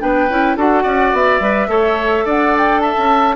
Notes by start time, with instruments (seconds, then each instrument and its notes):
0.00 bassoon B3, clarinet D4, oboe B4, flute G5
0.29 bassoon C#4, clarinet E4
0.56 bassoon D4, clarinet F#4, oboe A4, flute F#5
0.83 bassoon C#4, oboe D5
1.13 bassoon B3, flute E5
1.40 bassoon G3, clarinet B4
1.67 bassoon A3, clarinet A4, oboe C#5
2.25 bassoon D4, oboe D5, flute F#5
2.57 flute G5
2.80 oboe E5, flute A5
2.97 bassoon C#4